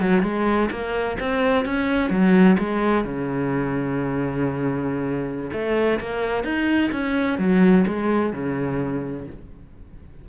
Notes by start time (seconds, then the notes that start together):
0.00 F#3
0.22 G#3
0.70 A#3
1.19 C4
1.65 C#4
2.09 F#3
2.58 G#3
3.04 C#3
5.52 A3
6.00 A#3
6.44 D#4
6.91 C#4
7.38 F#3
7.86 G#3
8.32 C#3